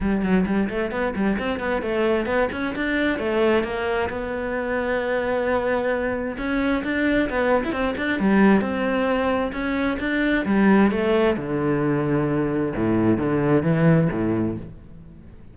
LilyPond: \new Staff \with { instrumentName = "cello" } { \time 4/4 \tempo 4 = 132 g8 fis8 g8 a8 b8 g8 c'8 b8 | a4 b8 cis'8 d'4 a4 | ais4 b2.~ | b2 cis'4 d'4 |
b8. e'16 c'8 d'8 g4 c'4~ | c'4 cis'4 d'4 g4 | a4 d2. | a,4 d4 e4 a,4 | }